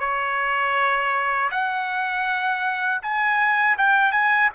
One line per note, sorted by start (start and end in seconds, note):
0.00 1.50 C#5
1.51 3.01 F#5
3.02 3.77 G#5
3.78 4.12 G5
4.12 4.50 G#5